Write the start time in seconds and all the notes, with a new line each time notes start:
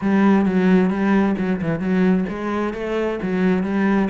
0.01 G3
0.45 F#3
0.89 G3
1.38 F#3
1.61 E3
1.79 F#3
2.28 G#3
2.73 A3
3.22 F#3
3.63 G3